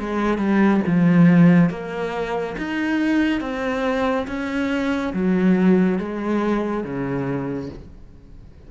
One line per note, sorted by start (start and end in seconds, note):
0.00 0.38 G#3
0.38 0.81 G3
0.87 1.70 F3
1.70 2.56 A#3
2.58 3.41 D#4
3.41 4.27 C4
4.28 5.14 C#4
5.14 5.99 F#3
5.99 6.84 G#3
6.84 7.70 C#3